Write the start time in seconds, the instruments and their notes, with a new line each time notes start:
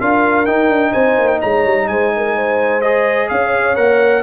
0.00 tuba D4, trombone F4, horn A#4, trumpet F5
0.46 trombone D#4, tuba D#4, trumpet G5
0.69 tuba D4
0.92 tuba C4, horn C5, trumpet G#5
1.18 tuba A#3
1.28 trumpet G5
1.41 tuba G#3, horn C#5, trumpet A#5
1.65 tuba G3
1.88 tuba G#3, horn C5, trumpet G#5
2.16 horn A#4
2.36 horn C5
2.81 trombone G#4, trumpet D#5
3.29 tuba C#4, horn C#5, trumpet F5
3.76 tuba A#3, trombone A#4, trumpet F#5